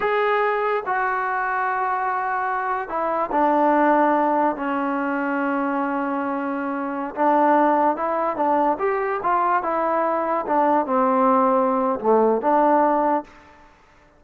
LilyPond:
\new Staff \with { instrumentName = "trombone" } { \time 4/4 \tempo 4 = 145 gis'2 fis'2~ | fis'2. e'4 | d'2. cis'4~ | cis'1~ |
cis'4~ cis'16 d'2 e'8.~ | e'16 d'4 g'4 f'4 e'8.~ | e'4~ e'16 d'4 c'4.~ c'16~ | c'4 a4 d'2 | }